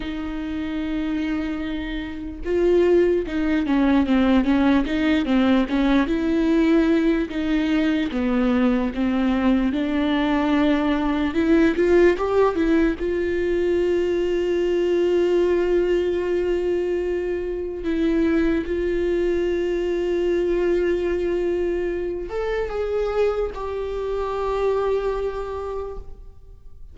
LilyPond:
\new Staff \with { instrumentName = "viola" } { \time 4/4 \tempo 4 = 74 dis'2. f'4 | dis'8 cis'8 c'8 cis'8 dis'8 c'8 cis'8 e'8~ | e'4 dis'4 b4 c'4 | d'2 e'8 f'8 g'8 e'8 |
f'1~ | f'2 e'4 f'4~ | f'2.~ f'8 a'8 | gis'4 g'2. | }